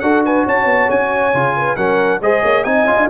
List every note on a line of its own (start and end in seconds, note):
0.00 0.46 D4
0.00 1.33 F#4
0.00 0.25 A4
0.00 0.22 F#5
0.25 0.45 B4
0.25 0.47 G#5
0.45 0.65 C#4
0.45 1.55 C#5
0.45 0.91 A5
0.65 0.87 B3
0.90 1.34 C#4
0.90 1.76 G#5
1.34 1.77 C#3
1.34 1.77 F4
1.56 1.77 B4
1.76 2.21 F#3
1.76 2.21 C#4
1.76 2.21 A#4
1.76 2.20 F#5
2.21 2.43 G#3
2.21 2.65 G#4
2.21 2.43 C5
2.21 2.64 D#5
2.43 2.65 A#3
2.43 2.65 C#5
2.64 2.84 C4
2.64 2.87 D#4
2.64 3.10 D#5
2.64 3.08 G#5
2.84 2.95 C#4
2.84 3.09 F4
2.96 3.07 D4